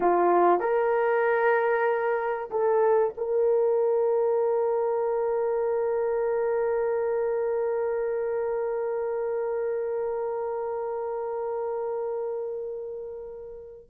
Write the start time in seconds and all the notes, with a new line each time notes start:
0.00 F4
0.60 A#4
2.50 A4
3.17 A#4